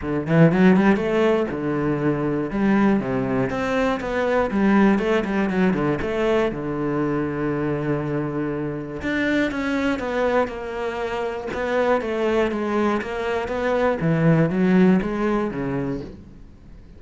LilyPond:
\new Staff \with { instrumentName = "cello" } { \time 4/4 \tempo 4 = 120 d8 e8 fis8 g8 a4 d4~ | d4 g4 c4 c'4 | b4 g4 a8 g8 fis8 d8 | a4 d2.~ |
d2 d'4 cis'4 | b4 ais2 b4 | a4 gis4 ais4 b4 | e4 fis4 gis4 cis4 | }